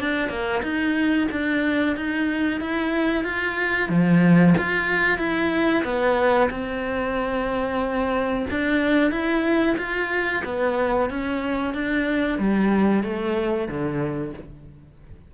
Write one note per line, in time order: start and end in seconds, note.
0.00 0.29 D4
0.29 0.62 A#3
0.63 1.28 D#4
1.32 1.96 D4
1.96 2.61 D#4
2.61 3.24 E4
3.24 3.89 F4
3.89 4.54 F3
4.58 5.18 F4
5.18 5.84 E4
5.85 6.50 B3
6.50 8.46 C4
8.51 9.11 D4
9.11 9.76 E4
9.78 10.43 F4
10.45 11.10 B3
11.10 11.74 C#4
11.74 12.39 D4
12.39 13.03 G3
13.03 13.68 A3
13.68 14.34 D3